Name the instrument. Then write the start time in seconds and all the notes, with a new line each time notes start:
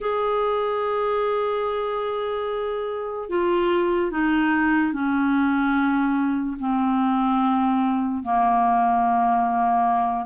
clarinet
0.00 G#4
3.29 F4
4.11 D#4
4.92 C#4
6.59 C4
8.23 A#3